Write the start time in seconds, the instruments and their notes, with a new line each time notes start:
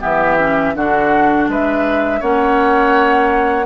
0.00 bassoon E3, clarinet B3, oboe G4, flute E5
0.38 clarinet C#4
0.75 bassoon D3, clarinet D4, oboe F#4, flute F#5
1.48 bassoon G#3, oboe B4, flute E5
2.20 bassoon A#3, clarinet C#4, oboe C#5, flute F#5